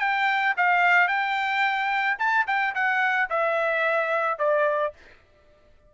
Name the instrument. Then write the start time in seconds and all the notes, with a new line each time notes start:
trumpet
0.00 G5
0.57 F5
1.08 G5
2.19 A5
2.47 G5
2.75 F#5
3.30 E5
4.39 D5